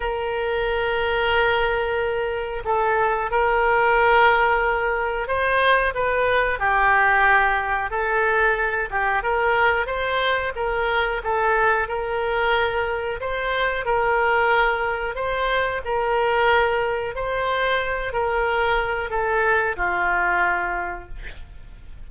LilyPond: \new Staff \with { instrumentName = "oboe" } { \time 4/4 \tempo 4 = 91 ais'1 | a'4 ais'2. | c''4 b'4 g'2 | a'4. g'8 ais'4 c''4 |
ais'4 a'4 ais'2 | c''4 ais'2 c''4 | ais'2 c''4. ais'8~ | ais'4 a'4 f'2 | }